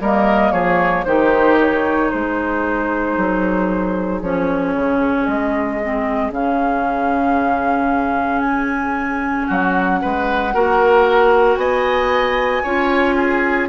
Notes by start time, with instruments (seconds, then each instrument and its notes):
0.00 bassoon G3, clarinet A#3, oboe A#4, flute D#5
0.51 bassoon F3, oboe G#4, flute C#5
1.05 bassoon D#3, clarinet D#4, oboe G4, flute C5
1.60 flute C#5
2.10 bassoon G#3, oboe G#4, flute C5
3.17 bassoon F#3
4.21 bassoon F3, clarinet C#4, flute C#5
4.75 bassoon C#3
5.26 bassoon G#3, flute D#5
5.82 clarinet C4
6.31 bassoon C#3, clarinet C#4, flute F5
8.41 flute G#5
9.46 bassoon F#3, oboe F#4, flute F#5
10.02 bassoon G#3, oboe B4
10.54 bassoon A#3, clarinet F#4, oboe A#4
11.56 bassoon B3, oboe D#5, flute G#5
12.63 bassoon C#4, clarinet F4, oboe C#5
13.17 oboe G#4